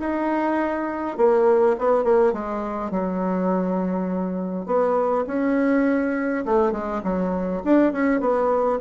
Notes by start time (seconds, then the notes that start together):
0.00 D#4
1.17 A#3
1.79 B3
2.04 A#3
2.33 G#3
2.91 F#3
4.66 B3
5.27 C#4
6.45 A3
6.72 G#3
7.04 F#3
7.65 D4
7.93 C#4
8.20 B3